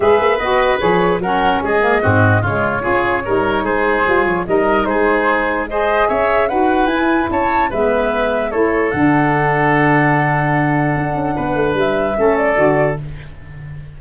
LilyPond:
<<
  \new Staff \with { instrumentName = "flute" } { \time 4/4 \tempo 4 = 148 e''4 dis''4 cis''4 fis''4 | dis''2 cis''2~ | cis''4 c''4. cis''8 dis''4 | c''2 dis''4 e''4 |
fis''4 gis''4 a''4 e''4~ | e''4 cis''4 fis''2~ | fis''1~ | fis''4 e''4. d''4. | }
  \new Staff \with { instrumentName = "oboe" } { \time 4/4 b'2. ais'4 | gis'4 fis'4 f'4 gis'4 | ais'4 gis'2 ais'4 | gis'2 c''4 cis''4 |
b'2 cis''4 b'4~ | b'4 a'2.~ | a'1 | b'2 a'2 | }
  \new Staff \with { instrumentName = "saxophone" } { \time 4/4 gis'4 fis'4 gis'4 cis'4~ | cis'8 ais8 c'4 gis4 f'4 | dis'2 f'4 dis'4~ | dis'2 gis'2 |
fis'4 e'2 b4~ | b4 e'4 d'2~ | d'1~ | d'2 cis'4 fis'4 | }
  \new Staff \with { instrumentName = "tuba" } { \time 4/4 gis8 ais8 b4 f4 fis4 | gis4 gis,4 cis4 cis'4 | g4 gis4 g8 f8 g4 | gis2. cis'4 |
dis'4 e'4 cis'4 gis4~ | gis4 a4 d2~ | d2. d'8 cis'8 | b8 a8 g4 a4 d4 | }
>>